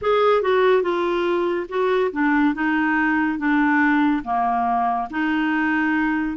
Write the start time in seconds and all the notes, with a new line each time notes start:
0.01 G#4
0.41 F#4
0.82 F4
1.69 F#4
2.12 D4
2.54 D#4
3.38 D4
4.24 A#3
5.10 D#4